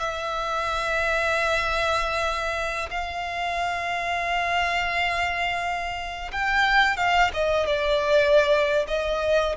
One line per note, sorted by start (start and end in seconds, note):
0.00 2.90 E5
2.91 6.32 F5
6.32 6.97 G5
6.97 7.31 F5
7.34 7.67 D#5
7.67 8.86 D5
8.88 9.56 D#5